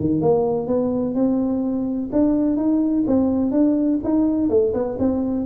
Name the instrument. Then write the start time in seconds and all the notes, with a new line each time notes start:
tuba
0.00 D#3
0.21 A#3
0.67 B3
1.15 C4
2.12 D4
2.56 D#4
3.07 C4
3.52 D4
4.04 D#4
4.49 A3
4.74 B3
4.99 C4